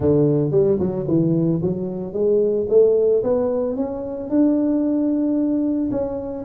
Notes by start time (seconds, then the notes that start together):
0.00 D3
0.51 G3
0.79 F#3
1.07 E3
1.62 F#3
2.13 G#3
2.69 A3
3.23 B3
3.76 C#4
4.29 D4
5.91 C#4